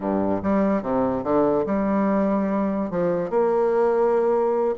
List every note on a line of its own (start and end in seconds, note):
0.00 0.41 G2
0.43 0.82 G3
0.82 1.23 C3
1.23 1.65 D3
1.66 2.90 G3
2.90 3.30 F3
3.30 4.75 A#3